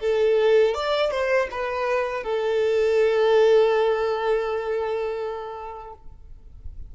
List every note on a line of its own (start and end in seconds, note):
0.00 0.74 A4
0.74 1.11 D5
1.11 1.48 C5
1.51 2.24 B4
2.24 5.94 A4